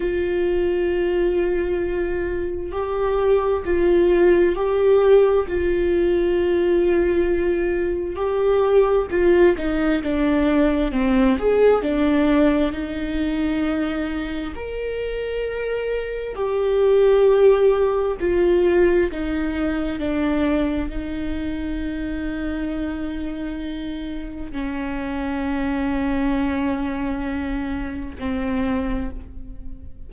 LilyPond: \new Staff \with { instrumentName = "viola" } { \time 4/4 \tempo 4 = 66 f'2. g'4 | f'4 g'4 f'2~ | f'4 g'4 f'8 dis'8 d'4 | c'8 gis'8 d'4 dis'2 |
ais'2 g'2 | f'4 dis'4 d'4 dis'4~ | dis'2. cis'4~ | cis'2. c'4 | }